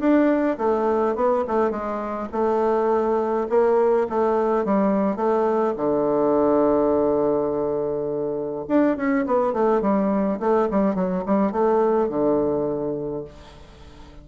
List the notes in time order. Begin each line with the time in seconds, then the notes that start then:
0.00 D4
0.58 A3
1.16 B3
1.48 A3
1.71 G#3
2.32 A3
3.50 A#3
4.10 A3
4.65 G3
5.17 A3
5.77 D3
8.69 D4
8.97 C#4
9.27 B3
9.53 A3
9.82 G3
10.40 A3
10.71 G3
10.95 F#3
11.26 G3
11.52 A3
12.10 D3